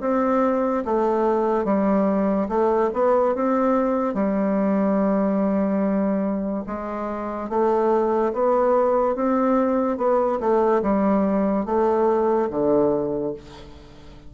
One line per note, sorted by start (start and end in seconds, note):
0.00 0.83 C4
0.84 1.64 A3
1.64 2.48 G3
2.48 2.90 A3
2.93 3.35 B3
3.35 4.14 C4
4.14 6.64 G3
6.67 7.49 G#3
7.49 8.32 A3
8.33 9.15 B3
9.15 9.97 C4
9.97 10.39 B3
10.40 10.81 A3
10.82 11.65 G3
11.65 12.48 A3
12.50 13.33 D3